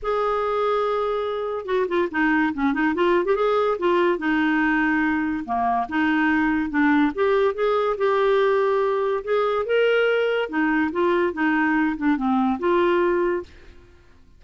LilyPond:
\new Staff \with { instrumentName = "clarinet" } { \time 4/4 \tempo 4 = 143 gis'1 | fis'8 f'8 dis'4 cis'8 dis'8 f'8. g'16 | gis'4 f'4 dis'2~ | dis'4 ais4 dis'2 |
d'4 g'4 gis'4 g'4~ | g'2 gis'4 ais'4~ | ais'4 dis'4 f'4 dis'4~ | dis'8 d'8 c'4 f'2 | }